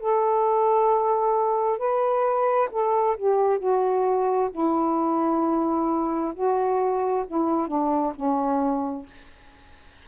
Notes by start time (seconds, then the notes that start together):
0.00 A4
1.79 B4
2.71 A4
3.17 G4
3.59 F#4
4.52 E4
6.34 F#4
7.28 E4
7.68 D4
8.16 C#4